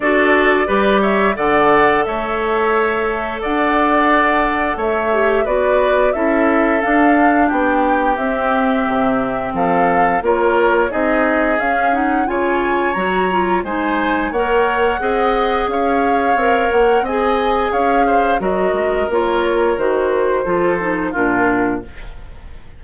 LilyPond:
<<
  \new Staff \with { instrumentName = "flute" } { \time 4/4 \tempo 4 = 88 d''4. e''8 fis''4 e''4~ | e''4 fis''2 e''4 | d''4 e''4 f''4 g''4 | e''2 f''4 cis''4 |
dis''4 f''8 fis''8 gis''4 ais''4 | gis''4 fis''2 f''4~ | f''8 fis''8 gis''4 f''4 dis''4 | cis''4 c''2 ais'4 | }
  \new Staff \with { instrumentName = "oboe" } { \time 4/4 a'4 b'8 cis''8 d''4 cis''4~ | cis''4 d''2 cis''4 | b'4 a'2 g'4~ | g'2 a'4 ais'4 |
gis'2 cis''2 | c''4 cis''4 dis''4 cis''4~ | cis''4 dis''4 cis''8 c''8 ais'4~ | ais'2 a'4 f'4 | }
  \new Staff \with { instrumentName = "clarinet" } { \time 4/4 fis'4 g'4 a'2~ | a'2.~ a'8 g'8 | fis'4 e'4 d'2 | c'2. f'4 |
dis'4 cis'8 dis'8 f'4 fis'8 f'8 | dis'4 ais'4 gis'2 | ais'4 gis'2 fis'4 | f'4 fis'4 f'8 dis'8 d'4 | }
  \new Staff \with { instrumentName = "bassoon" } { \time 4/4 d'4 g4 d4 a4~ | a4 d'2 a4 | b4 cis'4 d'4 b4 | c'4 c4 f4 ais4 |
c'4 cis'4 cis4 fis4 | gis4 ais4 c'4 cis'4 | c'8 ais8 c'4 cis'4 fis8 gis8 | ais4 dis4 f4 ais,4 | }
>>